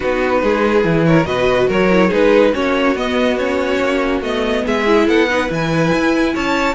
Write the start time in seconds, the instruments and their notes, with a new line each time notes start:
0.00 cello B3, viola D#4, violin F#4 B4
0.43 cello G#3, violin G#4
0.83 cello E3, viola E4
1.06 violin A#4 C#5
1.24 cello B2, viola F#4, violin B4 D#5
1.67 cello F#3, violin A#4 C#5
1.90 viola E4
2.08 cello G#3, viola D#4, violin G#4 B4
2.53 cello A#3, viola C#4, violin F#4 C#5
2.95 cello B3, viola B3, violin D#5
3.37 viola C#4, violin C#5
3.80 cello A#3
4.21 cello A3, viola B3, violin D#5
4.65 cello G#3, violin G#4 E5
4.86 viola E4
5.07 cello B3, violin A4 F#5
5.27 viola D#4, violin B4
5.47 cello E3, viola E4, violin G#5
5.93 cello E4
6.33 cello C#4, violin C#5 A5